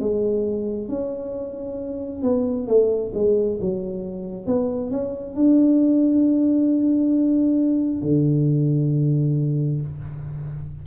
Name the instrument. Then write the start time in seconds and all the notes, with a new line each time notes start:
tuba
0.00 G#3
0.89 C#4
2.23 B3
2.67 A3
3.14 G#3
3.61 F#3
4.47 B3
4.91 C#4
5.36 D4
8.02 D3